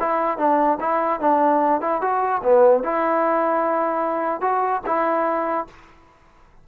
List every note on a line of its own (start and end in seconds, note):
0.00 0.38 E4
0.38 0.79 D4
0.81 1.21 E4
1.21 1.81 D4
1.81 2.02 E4
2.02 2.42 F#4
2.43 2.84 B3
2.84 4.42 E4
4.42 4.82 F#4
4.86 5.67 E4